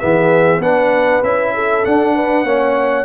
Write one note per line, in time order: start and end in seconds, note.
0.00 0.59 E3
0.00 0.61 B3
0.00 0.61 G#4
0.00 0.61 E5
0.59 1.20 B3
0.59 1.23 D4
0.59 1.53 B4
0.59 1.23 F#5
1.22 1.84 C#4
1.22 1.84 E4
1.22 1.85 E5
1.54 2.15 A4
1.84 2.45 D4
1.84 2.44 D4
1.84 3.05 F#5
2.15 2.45 B4
2.44 3.05 A#3
2.44 3.05 C#4
2.44 3.05 C#5